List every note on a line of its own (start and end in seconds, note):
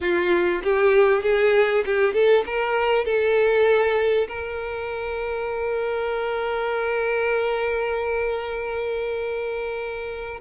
0.00 0.62 F4
0.63 1.22 G4
1.22 1.84 G#4
1.85 2.13 G4
2.13 2.44 A4
2.46 3.05 A#4
3.05 4.27 A4
4.28 10.40 A#4